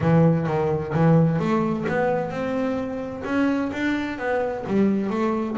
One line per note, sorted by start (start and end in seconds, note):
0.00 0.47 E3
0.47 0.93 D#3
0.93 1.39 E3
1.39 1.85 A3
1.88 2.30 B3
2.30 3.23 C4
3.24 3.71 C#4
3.73 4.18 D4
4.18 4.64 B3
4.66 5.10 G3
5.10 5.56 A3